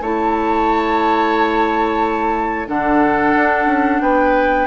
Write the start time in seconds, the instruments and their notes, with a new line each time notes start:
0.00 bassoon A3, clarinet E4, oboe C#5, flute A5
2.67 bassoon D3, clarinet D4, oboe A4, flute F#5
3.35 bassoon D4
3.66 bassoon C#4
4.01 bassoon B3, oboe B4, flute G5